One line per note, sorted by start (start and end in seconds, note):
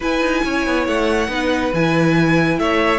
0.00 0.21 E4
0.00 1.29 E4
0.00 0.43 B4
0.00 0.86 G#5
0.21 0.42 D#4
0.44 0.66 C#4
0.44 1.29 C#5
0.66 0.87 B3
0.86 1.28 A3
0.86 1.73 F#5
1.28 1.71 B3
1.28 1.72 D#4
1.28 2.59 B4
1.73 2.58 E3
1.73 2.98 E4
1.73 2.59 G#5
2.58 2.98 A3
2.58 2.98 C#5
2.58 2.98 E5